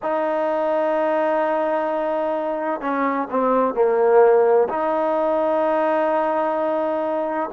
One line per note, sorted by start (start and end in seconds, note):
0.02 2.80 D#4
2.80 3.27 C#4
3.30 3.74 C4
3.74 4.67 A#3
4.68 7.50 D#4